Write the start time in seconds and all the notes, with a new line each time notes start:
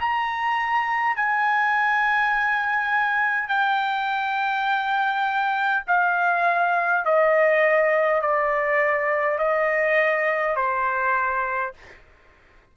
0.00 A#5
1.17 G#5
3.49 G5
5.88 F5
7.05 D#5
8.22 D5
9.39 D#5
10.56 C5